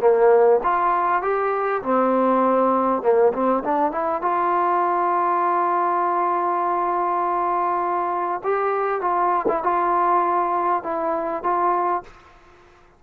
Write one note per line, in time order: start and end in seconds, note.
0.00 0.60 A#3
0.63 1.22 F4
1.22 1.82 G4
1.82 3.02 C4
3.02 3.32 A#3
3.33 3.63 C4
3.64 3.91 D4
3.91 4.21 E4
4.21 8.41 F4
8.43 9.01 G4
9.01 9.46 F4
9.48 9.63 E4
9.63 10.83 F4
10.83 11.43 E4
11.43 12.03 F4